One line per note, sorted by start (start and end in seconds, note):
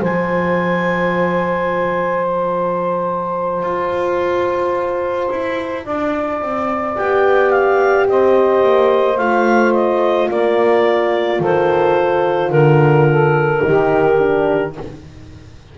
0.00 3.62 F3
0.00 6.94 F4
0.00 5.84 C5
0.00 2.25 G#5
2.25 6.96 A5
3.62 5.29 F4
5.30 5.86 E4
5.84 6.41 D4
5.84 8.06 D5
6.41 6.97 C4
6.95 8.07 B3
6.95 9.18 G4
6.95 7.50 G5
7.50 8.06 F5
8.07 8.63 C4
8.07 10.29 C5
8.07 9.17 D#5
8.63 9.18 A#3
9.17 10.29 A3
9.17 13.60 F4
9.17 9.73 F5
9.73 10.29 D#5
10.29 11.39 A#3
10.29 11.38 A#4
10.29 11.41 D5
11.38 12.50 D#3
11.38 12.49 A4
11.38 12.51 C5
12.50 13.61 D3
12.50 14.73 A#4
12.50 13.08 A#4
13.08 13.63 A4
13.60 14.16 D#4
13.60 14.75 G4
13.67 14.78 D#3
14.18 14.74 D4